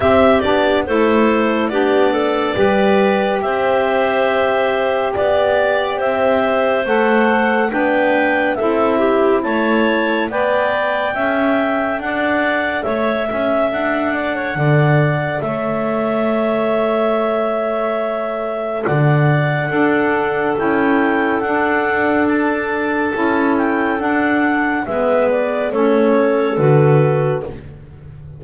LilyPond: <<
  \new Staff \with { instrumentName = "clarinet" } { \time 4/4 \tempo 4 = 70 e''8 d''8 c''4 d''2 | e''2 d''4 e''4 | fis''4 g''4 e''4 a''4 | g''2 fis''4 e''4 |
fis''2 e''2~ | e''2 fis''2 | g''4 fis''4 a''4. g''8 | fis''4 e''8 d''8 cis''4 b'4 | }
  \new Staff \with { instrumentName = "clarinet" } { \time 4/4 g'4 a'4 g'8 a'8 b'4 | c''2 d''4 c''4~ | c''4 b'4 a'8 g'8 cis''4 | d''4 e''4 d''4 cis''8 e''8~ |
e''8 d''16 cis''16 d''4 cis''2~ | cis''2 d''4 a'4~ | a'1~ | a'4 b'4 a'2 | }
  \new Staff \with { instrumentName = "saxophone" } { \time 4/4 c'8 d'8 e'4 d'4 g'4~ | g'1 | a'4 d'4 e'2 | b'4 a'2.~ |
a'1~ | a'2. d'4 | e'4 d'2 e'4 | d'4 b4 cis'4 fis'4 | }
  \new Staff \with { instrumentName = "double bass" } { \time 4/4 c'8 b8 a4 b4 g4 | c'2 b4 c'4 | a4 b4 c'4 a4 | b4 cis'4 d'4 a8 cis'8 |
d'4 d4 a2~ | a2 d4 d'4 | cis'4 d'2 cis'4 | d'4 gis4 a4 d4 | }
>>